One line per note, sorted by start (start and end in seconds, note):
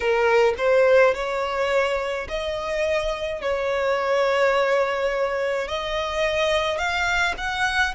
0.00 0.54 A#4
0.57 1.14 C5
1.14 2.27 C#5
2.28 3.41 D#5
3.41 5.68 C#5
5.68 6.78 D#5
6.78 7.34 F5
7.37 7.94 F#5